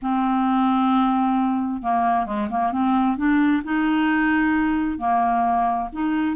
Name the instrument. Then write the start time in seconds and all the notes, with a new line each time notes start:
clarinet
0.02 C4
1.82 A#3
2.26 G#3
2.50 A#3
2.71 C4
3.17 D4
3.64 D#4
4.98 A#3
5.92 D#4